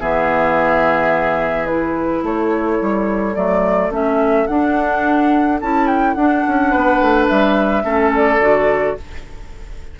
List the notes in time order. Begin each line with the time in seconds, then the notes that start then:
0.00 E3 B3 G#4 E5
1.66 E4 B4
2.23 A3 A4 C#5
2.81 G3
3.35 F#3 A3 D5
3.90 A3 C#4 E5
4.47 D4 F#5
5.61 C#4 E4 A5
5.87 G5
6.14 D4 F#5
6.47 C#4
6.71 B3 B4
7.01 A3
7.28 G3 E5
7.83 A3 C#4 A4
8.15 D5
8.39 D3 F#4